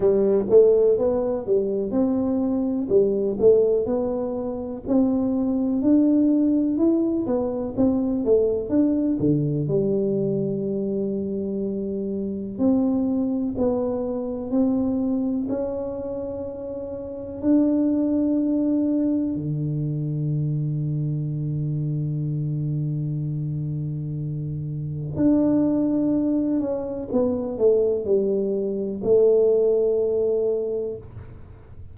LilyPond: \new Staff \with { instrumentName = "tuba" } { \time 4/4 \tempo 4 = 62 g8 a8 b8 g8 c'4 g8 a8 | b4 c'4 d'4 e'8 b8 | c'8 a8 d'8 d8 g2~ | g4 c'4 b4 c'4 |
cis'2 d'2 | d1~ | d2 d'4. cis'8 | b8 a8 g4 a2 | }